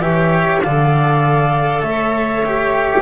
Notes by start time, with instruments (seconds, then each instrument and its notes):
0.00 double bass E3, cello G4, viola C#5, flute E5
0.62 double bass D3, cello A4, viola D5, flute F5
1.82 double bass A3, viola C#5, flute E5
2.46 cello G4